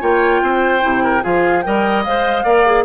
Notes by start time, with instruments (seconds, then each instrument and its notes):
0.00 bassoon A#3, clarinet F4, oboe C#5, flute G5
0.42 bassoon C4, oboe C5
0.81 bassoon C3, clarinet E4
1.04 oboe A#4
1.22 bassoon F3, clarinet F4, oboe G#4, flute F5
1.62 bassoon G3, clarinet A#4, oboe D#5, flute G5
2.04 bassoon G#3, clarinet C5, flute F5
2.44 bassoon A#3, clarinet A#4, oboe D5
2.66 clarinet G#4